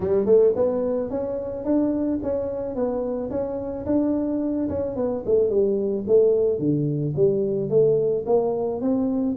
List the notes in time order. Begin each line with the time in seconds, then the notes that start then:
0.00 G3
0.25 A3
0.55 B3
1.10 C#4
1.64 D4
2.22 C#4
2.75 B3
3.30 C#4
3.86 D4
4.69 C#4
4.95 B3
5.25 A3
5.49 G3
6.07 A3
6.59 D3
7.16 G3
7.69 A3
8.26 A#3
8.81 C4